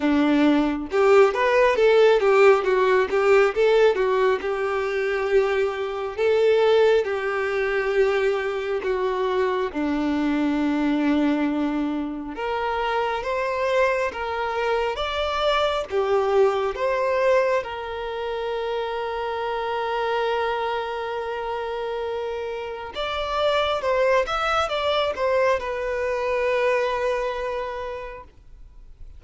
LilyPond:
\new Staff \with { instrumentName = "violin" } { \time 4/4 \tempo 4 = 68 d'4 g'8 b'8 a'8 g'8 fis'8 g'8 | a'8 fis'8 g'2 a'4 | g'2 fis'4 d'4~ | d'2 ais'4 c''4 |
ais'4 d''4 g'4 c''4 | ais'1~ | ais'2 d''4 c''8 e''8 | d''8 c''8 b'2. | }